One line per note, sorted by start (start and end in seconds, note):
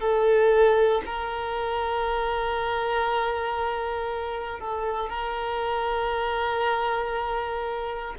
0.00 1.02 A4
1.06 4.60 A#4
4.60 5.10 A4
5.10 8.15 A#4